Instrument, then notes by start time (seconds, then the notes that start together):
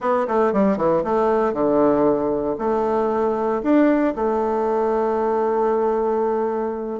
bassoon
0.00 B3
0.27 A3
0.52 G3
0.77 E3
1.04 A3
1.53 D3
2.58 A3
3.62 D4
4.15 A3